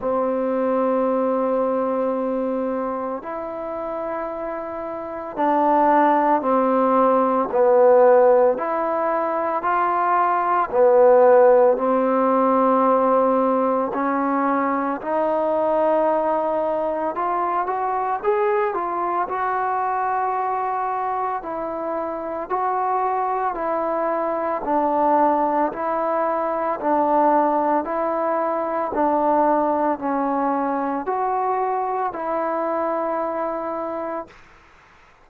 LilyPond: \new Staff \with { instrumentName = "trombone" } { \time 4/4 \tempo 4 = 56 c'2. e'4~ | e'4 d'4 c'4 b4 | e'4 f'4 b4 c'4~ | c'4 cis'4 dis'2 |
f'8 fis'8 gis'8 f'8 fis'2 | e'4 fis'4 e'4 d'4 | e'4 d'4 e'4 d'4 | cis'4 fis'4 e'2 | }